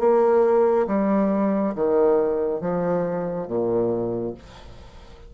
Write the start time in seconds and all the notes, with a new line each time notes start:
0.00 A#3
0.87 G3
1.75 D#3
2.61 F3
3.47 A#2